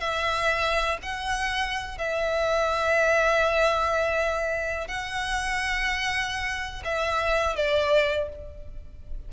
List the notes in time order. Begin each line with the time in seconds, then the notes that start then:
0.00 E5
1.02 F#5
1.98 E5
4.88 F#5
6.85 E5
7.56 D5